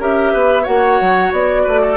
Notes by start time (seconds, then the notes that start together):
0.00 C#4 G4 A#4 E5
0.33 B3 B4
0.63 A#3 F#4 C#5 F#5
1.01 F#3
1.32 B3 D5
1.64 A3 B4
1.82 A4